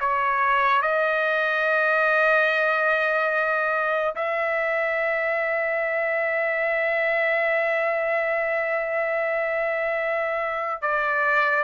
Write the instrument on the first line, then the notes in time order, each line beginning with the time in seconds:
trumpet
0.00 C#5
0.81 D#5
4.15 E5
10.82 D5